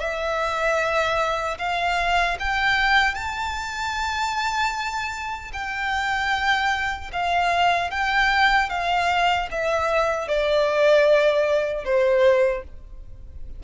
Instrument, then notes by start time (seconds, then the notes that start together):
violin
0.00 E5
1.59 F5
2.40 G5
3.15 A5
5.53 G5
7.13 F5
7.91 G5
8.69 F5
9.51 E5
10.28 D5
11.85 C5